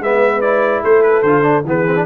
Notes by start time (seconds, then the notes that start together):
0.00 G#3 B3 B4 E5
0.41 E4 D5
0.83 A3 A4 C5
1.03 B4
1.22 D3 F4 C5
1.42 D4
1.65 E3 B3 G#4 B4
1.87 C4
1.96 D4